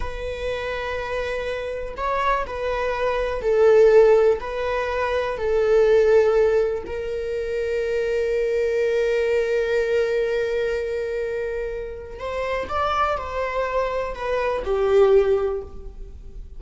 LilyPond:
\new Staff \with { instrumentName = "viola" } { \time 4/4 \tempo 4 = 123 b'1 | cis''4 b'2 a'4~ | a'4 b'2 a'4~ | a'2 ais'2~ |
ais'1~ | ais'1~ | ais'4 c''4 d''4 c''4~ | c''4 b'4 g'2 | }